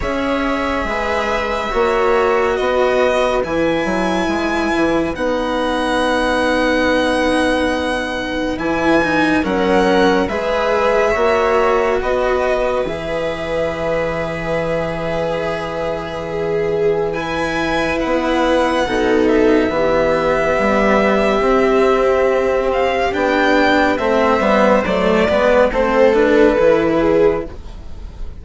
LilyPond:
<<
  \new Staff \with { instrumentName = "violin" } { \time 4/4 \tempo 4 = 70 e''2. dis''4 | gis''2 fis''2~ | fis''2 gis''4 fis''4 | e''2 dis''4 e''4~ |
e''1 | gis''4 fis''4. e''4.~ | e''2~ e''8 f''8 g''4 | e''4 d''4 c''8 b'4. | }
  \new Staff \with { instrumentName = "viola" } { \time 4/4 cis''4 b'4 cis''4 b'4~ | b'1~ | b'2. ais'4 | b'4 cis''4 b'2~ |
b'2. gis'4 | b'2 a'4 g'4~ | g'1 | c''4. b'8 a'4. gis'8 | }
  \new Staff \with { instrumentName = "cello" } { \time 4/4 gis'2 fis'2 | e'2 dis'2~ | dis'2 e'8 dis'8 cis'4 | gis'4 fis'2 gis'4~ |
gis'1 | e'2 dis'4 b4~ | b4 c'2 d'4 | c'8 b8 a8 b8 c'8 d'8 e'4 | }
  \new Staff \with { instrumentName = "bassoon" } { \time 4/4 cis'4 gis4 ais4 b4 | e8 fis8 gis8 e8 b2~ | b2 e4 fis4 | gis4 ais4 b4 e4~ |
e1~ | e4 b4 b,4 e4 | g4 c'2 b4 | a8 g8 fis8 gis8 a4 e4 | }
>>